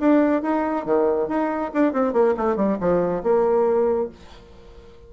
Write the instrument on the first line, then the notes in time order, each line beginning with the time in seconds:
bassoon
0.00 D4
0.43 D#4
0.86 D#3
1.29 D#4
1.74 D4
1.93 C4
2.13 A#3
2.37 A3
2.57 G3
2.80 F3
3.23 A#3